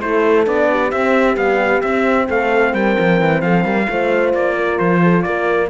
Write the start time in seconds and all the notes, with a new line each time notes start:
0.00 A3 E4 A4 C5
0.45 B3 D4 D5
0.70 G4
0.91 C4 E5
1.36 G3 B3 F5
1.81 C4 E5
2.27 A3 A4 F5
2.73 G3 A#4 G5
2.99 F3
3.21 E3
3.41 F3 A4 F5
3.63 G3 A#4
3.89 A3 F4 C5
4.33 A#3 D5
4.55 A#4
4.79 F3 C5
5.02 A4
5.22 A#3 A#4 D5